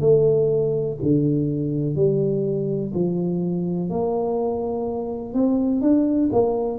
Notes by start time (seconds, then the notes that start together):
0.00 A3
1.02 D3
1.95 G3
2.94 F3
3.90 A#3
5.34 C4
5.81 D4
6.32 A#3